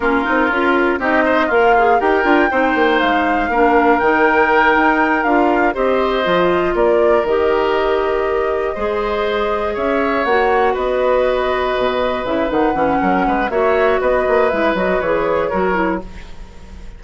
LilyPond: <<
  \new Staff \with { instrumentName = "flute" } { \time 4/4 \tempo 4 = 120 ais'2 dis''4 f''4 | g''2 f''2 | g''2~ g''8 f''4 dis''8~ | dis''4. d''4 dis''4.~ |
dis''2.~ dis''8 e''8~ | e''8 fis''4 dis''2~ dis''8~ | dis''8 e''8 fis''2 e''4 | dis''4 e''8 dis''8 cis''2 | }
  \new Staff \with { instrumentName = "oboe" } { \time 4/4 f'2 g'8 c''8 f'4 | ais'4 c''2 ais'4~ | ais'2.~ ais'8 c''8~ | c''4. ais'2~ ais'8~ |
ais'4. c''2 cis''8~ | cis''4. b'2~ b'8~ | b'2 ais'8 b'8 cis''4 | b'2. ais'4 | }
  \new Staff \with { instrumentName = "clarinet" } { \time 4/4 cis'8 dis'8 f'4 dis'4 ais'8 gis'8 | g'8 f'8 dis'2 d'4 | dis'2~ dis'8 f'4 g'8~ | g'8 f'2 g'4.~ |
g'4. gis'2~ gis'8~ | gis'8 fis'2.~ fis'8~ | fis'8 e'8 dis'8 cis'4. fis'4~ | fis'4 e'8 fis'8 gis'4 fis'8 e'8 | }
  \new Staff \with { instrumentName = "bassoon" } { \time 4/4 ais8 c'8 cis'4 c'4 ais4 | dis'8 d'8 c'8 ais8 gis4 ais4 | dis4. dis'4 d'4 c'8~ | c'8 f4 ais4 dis4.~ |
dis4. gis2 cis'8~ | cis'8 ais4 b2 b,8~ | b,8 cis8 dis8 e8 fis8 gis8 ais4 | b8 ais8 gis8 fis8 e4 fis4 | }
>>